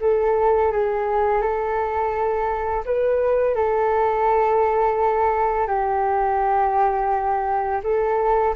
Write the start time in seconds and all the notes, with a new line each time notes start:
0.00 A4
0.71 G#4
1.41 A4
2.85 B4
3.55 A4
5.67 G4
7.83 A4